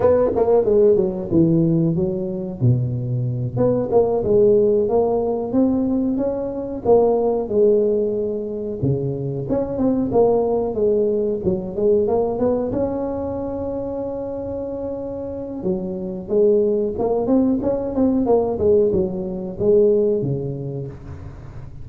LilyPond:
\new Staff \with { instrumentName = "tuba" } { \time 4/4 \tempo 4 = 92 b8 ais8 gis8 fis8 e4 fis4 | b,4. b8 ais8 gis4 ais8~ | ais8 c'4 cis'4 ais4 gis8~ | gis4. cis4 cis'8 c'8 ais8~ |
ais8 gis4 fis8 gis8 ais8 b8 cis'8~ | cis'1 | fis4 gis4 ais8 c'8 cis'8 c'8 | ais8 gis8 fis4 gis4 cis4 | }